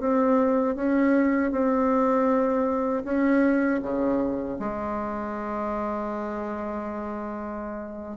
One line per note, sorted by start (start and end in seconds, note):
0.00 0.76 C4
0.76 1.52 C#4
1.52 3.04 C4
3.04 3.80 C#4
3.83 4.58 C#3
4.59 8.17 G#3